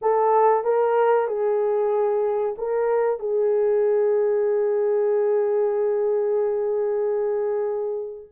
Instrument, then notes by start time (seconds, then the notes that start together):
horn
0.01 A4
0.64 A#4
1.27 G#4
2.58 A#4
3.19 G#4